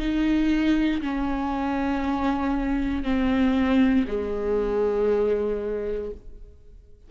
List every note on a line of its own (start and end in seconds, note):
0.00 1.02 D#4
1.02 3.04 C#4
3.04 4.06 C4
4.08 6.12 G#3